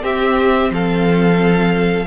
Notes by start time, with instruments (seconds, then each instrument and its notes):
0.00 viola C4, cello C4, violin G4 E5
0.70 cello F3, violin A4 F5